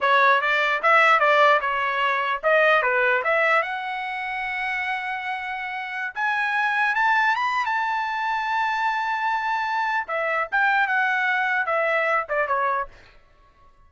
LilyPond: \new Staff \with { instrumentName = "trumpet" } { \time 4/4 \tempo 4 = 149 cis''4 d''4 e''4 d''4 | cis''2 dis''4 b'4 | e''4 fis''2.~ | fis''2.~ fis''16 gis''8.~ |
gis''4~ gis''16 a''4 b''8. a''4~ | a''1~ | a''4 e''4 g''4 fis''4~ | fis''4 e''4. d''8 cis''4 | }